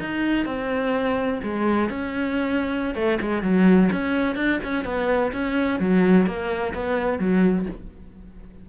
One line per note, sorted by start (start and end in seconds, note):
0.00 0.46 D#4
0.46 1.41 C4
1.43 1.90 G#3
1.90 2.95 C#4
2.95 3.19 A3
3.21 3.43 G#3
3.43 3.90 F#3
3.92 4.36 C#4
4.36 4.59 D4
4.64 4.85 C#4
4.85 5.32 B3
5.33 5.80 C#4
5.80 6.27 F#3
6.27 6.74 A#3
6.74 7.19 B3
7.19 7.66 F#3